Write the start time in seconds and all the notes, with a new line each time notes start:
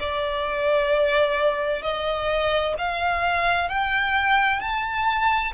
0.00 D5
1.83 D#5
2.79 F5
3.69 G5
4.61 A5